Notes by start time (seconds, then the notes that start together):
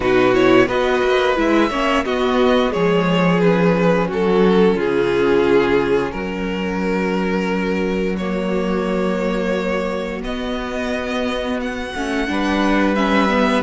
0.00 B2 D#4 F#4 B4
0.34 E4 C#5
0.67 B3 F#4 B4 D#5
1.02 A#3
1.36 G#3 E4 E5
1.70 A#3 C#4 C#5
2.04 B3 F#4 D#5
2.68 F3 G#3 G#4 C#5
3.40 C#4 B4
4.08 F#3 F#4 A4
4.74 C#3 F4 G#4
6.11 F#3 F#4 A#4
8.17 A#3 C#5
10.22 B3 D#5
11.60 F#5
11.94 A3 C#4
12.27 G3 D4 B4
12.94 C#4 E5
13.29 B3